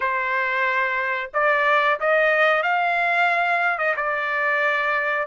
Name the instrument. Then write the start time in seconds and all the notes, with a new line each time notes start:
trumpet
0.00 C5
1.33 D5
1.99 D#5
2.63 F5
3.78 D#5
3.96 D5